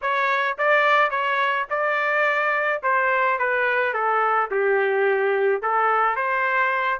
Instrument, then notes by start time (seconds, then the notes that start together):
trumpet
0.01 C#5
0.58 D5
1.10 C#5
1.69 D5
2.82 C5
3.38 B4
3.93 A4
4.50 G4
5.62 A4
6.16 C5